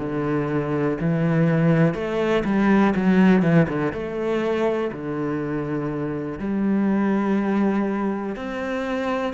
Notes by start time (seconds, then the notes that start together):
0.00 D3
1.01 E3
1.95 A3
2.45 G3
2.96 F#3
3.43 E3
3.69 D3
3.93 A3
4.92 D3
6.40 G3
8.37 C4